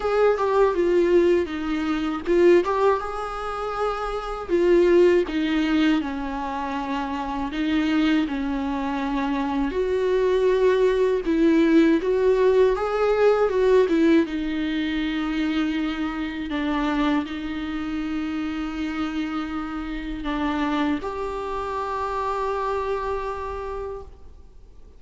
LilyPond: \new Staff \with { instrumentName = "viola" } { \time 4/4 \tempo 4 = 80 gis'8 g'8 f'4 dis'4 f'8 g'8 | gis'2 f'4 dis'4 | cis'2 dis'4 cis'4~ | cis'4 fis'2 e'4 |
fis'4 gis'4 fis'8 e'8 dis'4~ | dis'2 d'4 dis'4~ | dis'2. d'4 | g'1 | }